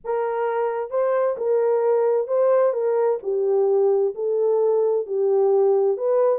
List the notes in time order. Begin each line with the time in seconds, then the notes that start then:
0.04 A#4
0.90 C5
1.37 A#4
2.27 C5
2.73 A#4
3.22 G4
4.15 A4
5.06 G4
5.97 B4